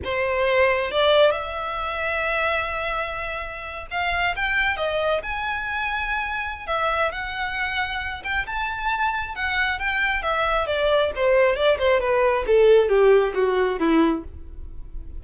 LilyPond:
\new Staff \with { instrumentName = "violin" } { \time 4/4 \tempo 4 = 135 c''2 d''4 e''4~ | e''1~ | e''8. f''4 g''4 dis''4 gis''16~ | gis''2. e''4 |
fis''2~ fis''8 g''8 a''4~ | a''4 fis''4 g''4 e''4 | d''4 c''4 d''8 c''8 b'4 | a'4 g'4 fis'4 e'4 | }